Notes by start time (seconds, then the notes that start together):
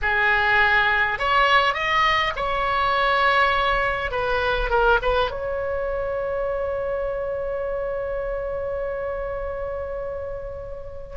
0.02 G#4
1.18 C#5
1.74 D#5
2.36 C#5
4.11 B4
4.70 A#4
5.02 B4
5.30 C#5